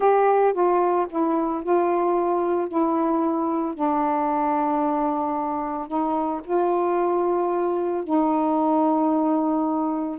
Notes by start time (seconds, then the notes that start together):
0.00 G4
0.53 F4
1.09 E4
1.63 F4
2.68 E4
3.74 D4
5.87 D#4
6.44 F4
8.04 D#4